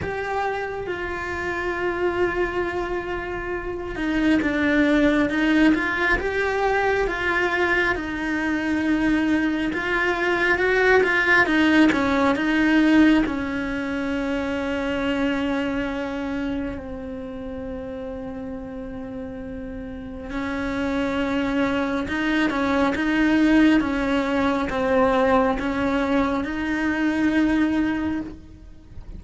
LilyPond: \new Staff \with { instrumentName = "cello" } { \time 4/4 \tempo 4 = 68 g'4 f'2.~ | f'8 dis'8 d'4 dis'8 f'8 g'4 | f'4 dis'2 f'4 | fis'8 f'8 dis'8 cis'8 dis'4 cis'4~ |
cis'2. c'4~ | c'2. cis'4~ | cis'4 dis'8 cis'8 dis'4 cis'4 | c'4 cis'4 dis'2 | }